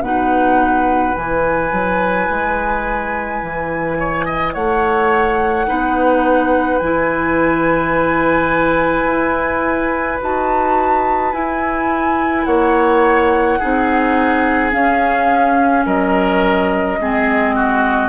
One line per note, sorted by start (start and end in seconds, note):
0.00 1.13 B2
0.00 1.14 D#4
0.00 3.99 B4
0.00 1.14 F#5
1.14 1.72 E3
1.14 5.67 E4
1.14 4.54 G#5
1.72 2.28 F#3
2.29 3.42 G#3
3.42 4.55 E3
3.99 4.25 C#5
4.25 4.53 D#5
4.53 5.68 A3
4.53 5.67 C#5
4.53 6.79 F#5
5.67 6.80 B3
5.67 6.80 D#4
5.67 12.47 B4
6.79 9.06 E3
6.79 10.20 E4
6.79 10.19 G#5
9.06 10.19 E4
10.20 11.33 D#4
10.20 11.33 F#4
10.20 11.33 A5
11.33 13.59 E4
11.33 12.46 E4
11.33 12.45 G#5
12.45 13.59 A#3
12.45 13.59 C#5
12.45 14.71 F#5
13.59 14.74 C4
13.59 14.71 D#4
13.59 15.85 G#4
14.71 16.98 C#4
14.71 15.86 C#4
14.71 15.85 F5
15.86 16.99 F#3
15.86 16.99 A#4
15.86 18.08 D#5
17.00 18.08 G#3
17.00 18.08 C4
17.00 17.55 G#4
17.55 18.08 F#4